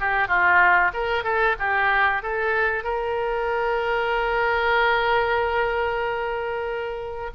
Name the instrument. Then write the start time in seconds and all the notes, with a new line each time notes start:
oboe
0.00 G4
0.28 F4
0.93 A#4
1.24 A4
1.59 G4
2.23 A4
2.84 A#4